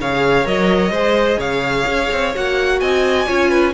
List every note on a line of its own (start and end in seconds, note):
0.00 0.46 C#3
0.00 0.44 G#4
0.00 0.91 C#5
0.00 0.47 F5
0.44 0.90 F#3
0.44 0.91 A#4
0.44 1.40 D#5
0.90 1.37 G#3
0.90 2.34 G#4
0.90 1.37 C5
1.37 1.85 C#3
1.37 2.78 C#5
1.37 2.34 F5
1.86 2.09 C#4
2.12 2.35 C4
2.34 2.81 A#3
2.34 3.28 F#4
2.34 2.79 F#5
2.79 3.28 C4
2.79 3.27 D#5
2.79 3.73 G#5
3.27 3.73 C#4
3.27 3.73 F4
3.27 3.49 C#5
3.49 3.72 B4